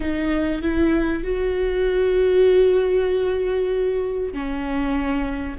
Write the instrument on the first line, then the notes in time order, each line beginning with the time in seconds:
viola
0.00 D#4
0.62 E4
1.23 F#4
4.33 C#4